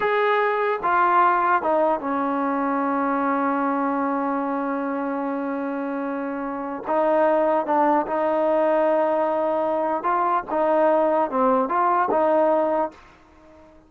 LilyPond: \new Staff \with { instrumentName = "trombone" } { \time 4/4 \tempo 4 = 149 gis'2 f'2 | dis'4 cis'2.~ | cis'1~ | cis'1~ |
cis'4 dis'2 d'4 | dis'1~ | dis'4 f'4 dis'2 | c'4 f'4 dis'2 | }